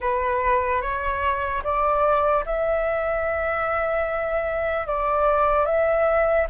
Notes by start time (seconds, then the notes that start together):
0.00 B4
0.81 C#5
1.63 D5
2.45 E5
4.86 D5
5.65 E5